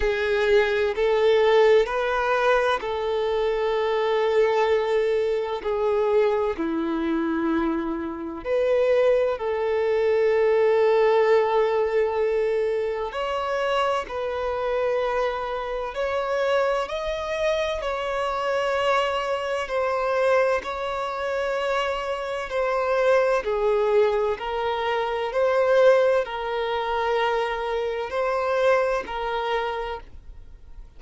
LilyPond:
\new Staff \with { instrumentName = "violin" } { \time 4/4 \tempo 4 = 64 gis'4 a'4 b'4 a'4~ | a'2 gis'4 e'4~ | e'4 b'4 a'2~ | a'2 cis''4 b'4~ |
b'4 cis''4 dis''4 cis''4~ | cis''4 c''4 cis''2 | c''4 gis'4 ais'4 c''4 | ais'2 c''4 ais'4 | }